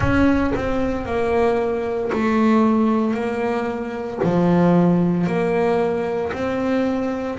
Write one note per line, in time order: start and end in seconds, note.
0.00 0.53 C#4
0.55 1.05 C4
1.05 2.11 A#3
2.12 3.13 A3
3.13 4.19 A#3
4.23 5.26 F3
5.26 6.32 A#3
6.32 7.37 C4